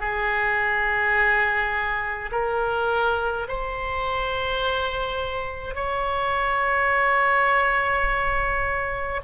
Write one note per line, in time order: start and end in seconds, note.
0.00 2.31 G#4
2.32 3.47 A#4
3.48 5.75 C5
5.75 9.21 C#5